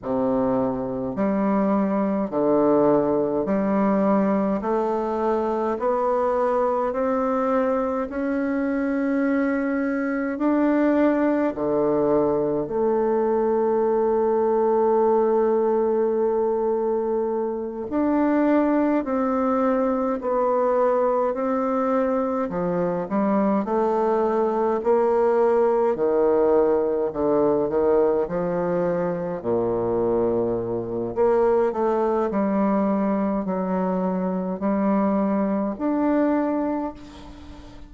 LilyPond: \new Staff \with { instrumentName = "bassoon" } { \time 4/4 \tempo 4 = 52 c4 g4 d4 g4 | a4 b4 c'4 cis'4~ | cis'4 d'4 d4 a4~ | a2.~ a8 d'8~ |
d'8 c'4 b4 c'4 f8 | g8 a4 ais4 dis4 d8 | dis8 f4 ais,4. ais8 a8 | g4 fis4 g4 d'4 | }